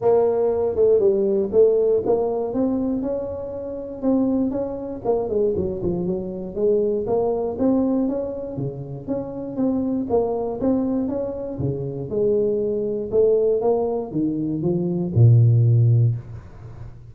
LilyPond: \new Staff \with { instrumentName = "tuba" } { \time 4/4 \tempo 4 = 119 ais4. a8 g4 a4 | ais4 c'4 cis'2 | c'4 cis'4 ais8 gis8 fis8 f8 | fis4 gis4 ais4 c'4 |
cis'4 cis4 cis'4 c'4 | ais4 c'4 cis'4 cis4 | gis2 a4 ais4 | dis4 f4 ais,2 | }